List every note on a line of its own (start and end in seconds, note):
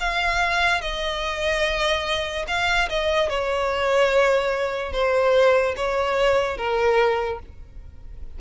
0.00 0.81 F5
0.81 2.45 D#5
2.48 2.89 F5
2.89 3.29 D#5
3.29 4.92 C#5
4.92 5.75 C5
5.76 6.57 C#5
6.57 7.39 A#4